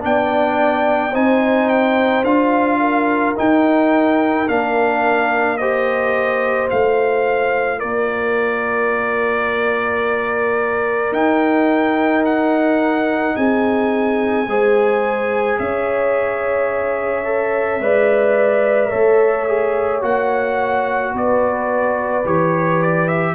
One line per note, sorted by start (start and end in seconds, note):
0.00 1.15 B3
0.00 1.11 D4
0.00 1.11 D5
0.00 1.15 G5
1.11 2.24 C4
1.11 2.25 D#4
1.11 2.78 C5
1.11 1.69 G#5
1.69 2.24 G5
2.24 3.35 D4
2.24 3.36 F4
2.24 3.36 F5
2.80 5.58 A#4
3.36 4.47 D#4
3.36 4.48 D#4
3.36 4.49 G5
4.47 6.71 A#3
4.47 5.58 D4
4.47 5.57 F5
5.57 6.69 G4
5.57 7.79 C5
5.57 6.68 D#5
6.69 7.83 A3
6.69 11.13 F4
6.69 7.80 F5
7.79 11.12 A#3
7.79 13.34 A#4
7.79 11.13 D5
11.12 13.34 D#4
11.12 14.46 D#4
11.12 12.25 G5
12.25 13.36 F#5
13.36 14.47 C4
13.36 14.48 G#4
13.36 15.59 G#5
14.47 15.59 G#3
14.47 17.25 G#4
14.47 15.61 C5
15.59 17.80 C#4
15.59 17.82 C#5
15.59 20.03 E5
17.25 17.81 A4
17.80 18.91 G#3
17.80 18.91 B4
17.80 18.90 D5
18.90 20.02 A3
18.90 19.46 A4
18.90 21.12 C#5
19.48 20.02 G#4
20.02 21.13 A#3
20.02 22.24 F#4
20.02 21.15 F#5
21.13 22.25 B3
21.13 23.35 B4
21.13 22.27 D5
22.25 23.35 E3
22.25 23.35 G4
22.25 22.82 C#5
22.82 23.08 D5
23.08 23.35 E5